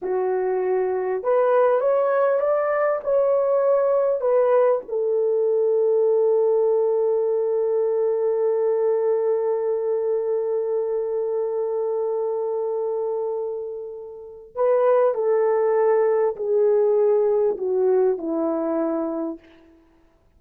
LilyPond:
\new Staff \with { instrumentName = "horn" } { \time 4/4 \tempo 4 = 99 fis'2 b'4 cis''4 | d''4 cis''2 b'4 | a'1~ | a'1~ |
a'1~ | a'1 | b'4 a'2 gis'4~ | gis'4 fis'4 e'2 | }